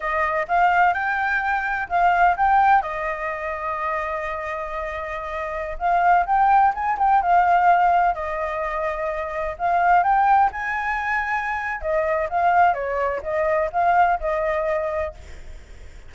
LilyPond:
\new Staff \with { instrumentName = "flute" } { \time 4/4 \tempo 4 = 127 dis''4 f''4 g''2 | f''4 g''4 dis''2~ | dis''1~ | dis''16 f''4 g''4 gis''8 g''8 f''8.~ |
f''4~ f''16 dis''2~ dis''8.~ | dis''16 f''4 g''4 gis''4.~ gis''16~ | gis''4 dis''4 f''4 cis''4 | dis''4 f''4 dis''2 | }